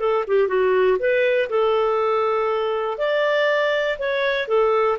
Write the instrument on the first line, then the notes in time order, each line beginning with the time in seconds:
clarinet
0.00 A4
0.28 G4
0.48 F#4
0.99 B4
1.50 A4
2.98 D5
3.99 C#5
4.48 A4